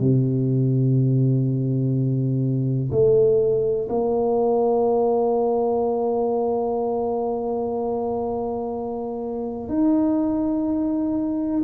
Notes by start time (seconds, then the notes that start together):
0.00 C3
2.92 A3
3.89 A#3
9.69 D#4